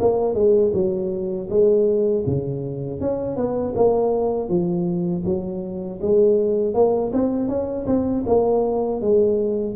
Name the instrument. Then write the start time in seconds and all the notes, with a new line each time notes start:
tuba
0.00 A#3
0.34 G#3
0.73 F#3
1.49 G#3
2.26 C#3
3.00 C#4
3.36 B3
3.75 A#3
4.48 F3
5.25 F#3
6.01 G#3
6.74 A#3
7.12 C4
7.48 C#4
7.86 C4
8.26 A#3
9.01 G#3